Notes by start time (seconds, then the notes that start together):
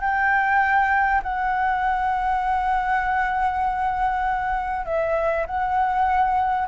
0.00 G5
1.22 F#5
4.85 E5
5.46 F#5